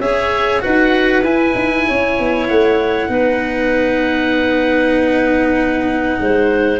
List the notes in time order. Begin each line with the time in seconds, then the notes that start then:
0.00 C#4 G#4 C#5 E5
0.60 D#4 F#4 B4 F#5
1.22 E4 G#5
1.55 D#4
1.88 C#4 C#5
2.19 B3
2.48 A3 F#5
3.08 B3 D#4 B4
6.20 G#3 C5